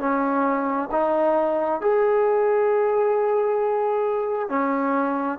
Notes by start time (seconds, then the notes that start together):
0.00 C#4
0.92 D#4
1.82 G#4
4.49 C#4